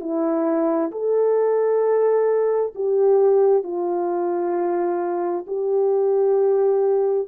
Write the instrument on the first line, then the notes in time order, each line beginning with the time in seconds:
horn
0.00 E4
0.91 A4
2.75 G4
3.63 F4
5.47 G4